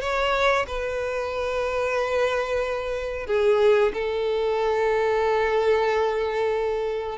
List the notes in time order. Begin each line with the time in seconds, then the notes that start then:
0.00 C#5
0.67 B4
3.26 G#4
3.93 A4